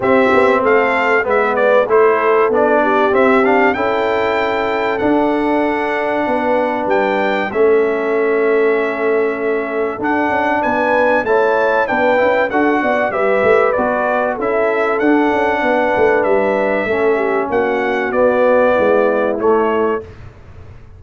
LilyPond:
<<
  \new Staff \with { instrumentName = "trumpet" } { \time 4/4 \tempo 4 = 96 e''4 f''4 e''8 d''8 c''4 | d''4 e''8 f''8 g''2 | fis''2. g''4 | e''1 |
fis''4 gis''4 a''4 g''4 | fis''4 e''4 d''4 e''4 | fis''2 e''2 | fis''4 d''2 cis''4 | }
  \new Staff \with { instrumentName = "horn" } { \time 4/4 g'4 a'4 b'4 a'4~ | a'8 g'4. a'2~ | a'2 b'2 | a'1~ |
a'4 b'4 cis''4 b'4 | a'8 d''8 b'2 a'4~ | a'4 b'2 a'8 g'8 | fis'2 e'2 | }
  \new Staff \with { instrumentName = "trombone" } { \time 4/4 c'2 b4 e'4 | d'4 c'8 d'8 e'2 | d'1 | cis'1 |
d'2 e'4 d'8 e'8 | fis'4 g'4 fis'4 e'4 | d'2. cis'4~ | cis'4 b2 a4 | }
  \new Staff \with { instrumentName = "tuba" } { \time 4/4 c'8 b8 a4 gis4 a4 | b4 c'4 cis'2 | d'2 b4 g4 | a1 |
d'8 cis'8 b4 a4 b8 cis'8 | d'8 b8 g8 a8 b4 cis'4 | d'8 cis'8 b8 a8 g4 a4 | ais4 b4 gis4 a4 | }
>>